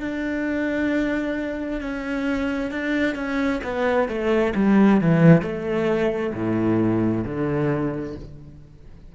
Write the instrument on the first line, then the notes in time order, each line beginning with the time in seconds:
cello
0.00 D4
1.81 C#4
2.71 D4
3.15 C#4
3.63 B3
4.08 A3
4.55 G3
5.00 E3
5.42 A3
6.33 A2
7.24 D3